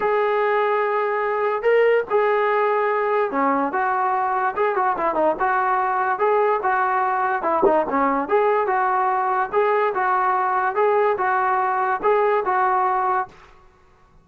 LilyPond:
\new Staff \with { instrumentName = "trombone" } { \time 4/4 \tempo 4 = 145 gis'1 | ais'4 gis'2. | cis'4 fis'2 gis'8 fis'8 | e'8 dis'8 fis'2 gis'4 |
fis'2 e'8 dis'8 cis'4 | gis'4 fis'2 gis'4 | fis'2 gis'4 fis'4~ | fis'4 gis'4 fis'2 | }